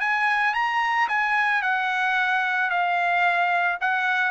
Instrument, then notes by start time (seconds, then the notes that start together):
trumpet
0.00 G#5
0.54 A#5
1.09 G#5
1.62 F#5
2.70 F5
3.81 F#5